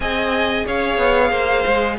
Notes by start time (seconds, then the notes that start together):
0.00 C4 G#4 D#5 G#5
0.66 C#4 C#5 F5
0.97 B3
1.30 A#3 C5
1.66 G#3